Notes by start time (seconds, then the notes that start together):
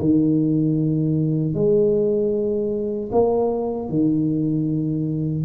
0.00 D#3
1.55 G#3
3.12 A#3
3.90 D#3